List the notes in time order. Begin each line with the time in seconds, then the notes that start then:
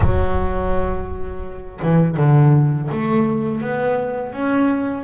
0.00 F#3
1.81 E3
2.17 D3
2.91 A3
3.61 B3
4.32 C#4